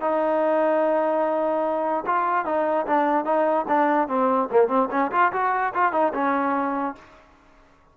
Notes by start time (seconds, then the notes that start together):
0.00 D#4
2.06 F4
2.45 D#4
2.86 D4
3.24 D#4
3.68 D4
4.08 C4
4.51 A#3
4.68 C4
4.90 C#4
5.12 F4
5.32 F#4
5.74 F4
5.92 D#4
6.14 C#4